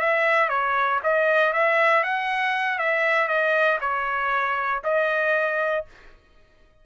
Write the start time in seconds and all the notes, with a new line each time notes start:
0.00 E5
0.49 C#5
1.04 D#5
1.53 E5
2.03 F#5
2.79 E5
3.28 D#5
3.81 C#5
4.84 D#5